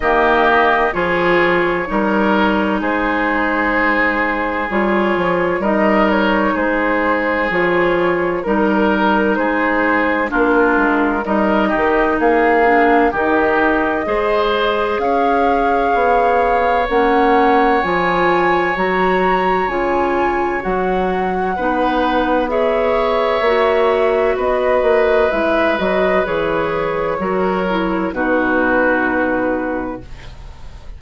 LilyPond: <<
  \new Staff \with { instrumentName = "flute" } { \time 4/4 \tempo 4 = 64 dis''4 cis''2 c''4~ | c''4 cis''4 dis''8 cis''8 c''4 | cis''4 ais'4 c''4 ais'4 | dis''4 f''4 dis''2 |
f''2 fis''4 gis''4 | ais''4 gis''4 fis''2 | e''2 dis''4 e''8 dis''8 | cis''2 b'2 | }
  \new Staff \with { instrumentName = "oboe" } { \time 4/4 g'4 gis'4 ais'4 gis'4~ | gis'2 ais'4 gis'4~ | gis'4 ais'4 gis'4 f'4 | ais'8 g'8 gis'4 g'4 c''4 |
cis''1~ | cis''2. b'4 | cis''2 b'2~ | b'4 ais'4 fis'2 | }
  \new Staff \with { instrumentName = "clarinet" } { \time 4/4 ais4 f'4 dis'2~ | dis'4 f'4 dis'2 | f'4 dis'2 d'4 | dis'4. d'8 dis'4 gis'4~ |
gis'2 cis'4 f'4 | fis'4 f'4 fis'4 dis'4 | gis'4 fis'2 e'8 fis'8 | gis'4 fis'8 e'8 dis'2 | }
  \new Staff \with { instrumentName = "bassoon" } { \time 4/4 dis4 f4 g4 gis4~ | gis4 g8 f8 g4 gis4 | f4 g4 gis4 ais8 gis8 | g8 dis8 ais4 dis4 gis4 |
cis'4 b4 ais4 f4 | fis4 cis4 fis4 b4~ | b4 ais4 b8 ais8 gis8 fis8 | e4 fis4 b,2 | }
>>